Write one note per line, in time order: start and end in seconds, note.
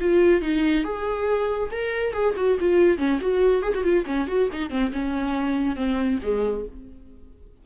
0.00 0.41 F4
0.41 0.84 D#4
0.84 1.69 G#4
1.71 2.13 A#4
2.13 2.34 G#4
2.36 2.58 F#4
2.60 2.98 F4
2.98 3.19 C#4
3.20 3.62 F#4
3.62 3.73 G#4
3.74 3.83 F#4
3.83 4.05 F4
4.06 4.27 C#4
4.28 4.49 F#4
4.52 4.70 D#4
4.70 4.91 C4
4.92 5.76 C#4
5.76 6.19 C4
6.22 6.65 G#3